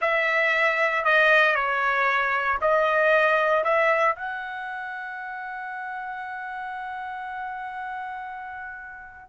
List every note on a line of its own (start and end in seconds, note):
0.01 1.04 E5
1.05 1.55 D#5
1.55 2.58 C#5
2.61 3.63 D#5
3.63 4.15 E5
4.15 9.29 F#5